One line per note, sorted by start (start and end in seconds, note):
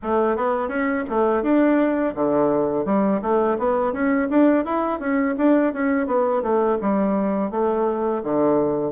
0.02 0.36 A3
0.36 0.68 B3
0.68 1.04 C#4
1.09 1.43 A3
1.43 2.14 D4
2.15 2.85 D3
2.85 3.20 G3
3.21 3.57 A3
3.58 3.93 B3
3.93 4.28 C#4
4.30 4.64 D4
4.64 4.99 E4
4.99 5.35 C#4
5.37 5.73 D4
5.73 6.06 C#4
6.06 6.42 B3
6.42 6.78 A3
6.81 7.50 G3
7.50 8.22 A3
8.23 8.92 D3